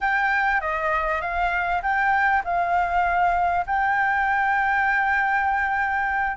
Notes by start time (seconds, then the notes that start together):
0.00 G5
0.60 D#5
1.21 F5
1.82 G5
2.44 F5
3.66 G5